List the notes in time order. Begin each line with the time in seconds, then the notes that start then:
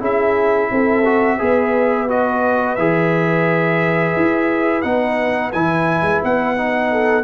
0.00 C#4 E4 G#4 E5
0.71 C4 A4
1.05 F#4
1.38 B3 G#4 B4
2.08 F#4 D#5
2.75 E3 G#4 E5
4.16 E4
4.82 B3 D#4 F#5
5.52 E3 E4 G#5
6.02 G#3
6.24 B3 F#5
6.57 D#4
6.91 A4